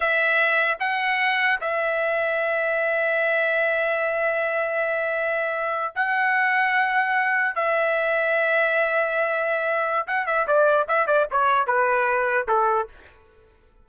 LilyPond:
\new Staff \with { instrumentName = "trumpet" } { \time 4/4 \tempo 4 = 149 e''2 fis''2 | e''1~ | e''1~ | e''2~ e''8. fis''4~ fis''16~ |
fis''2~ fis''8. e''4~ e''16~ | e''1~ | e''4 fis''8 e''8 d''4 e''8 d''8 | cis''4 b'2 a'4 | }